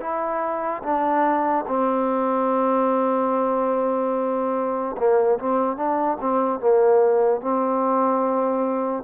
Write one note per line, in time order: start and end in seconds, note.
0.00 0.82 E4
0.83 1.65 D4
1.67 4.96 C4
4.98 5.39 A#3
5.39 5.76 C4
5.76 6.18 D4
6.21 6.60 C4
6.60 7.41 A#3
7.41 9.04 C4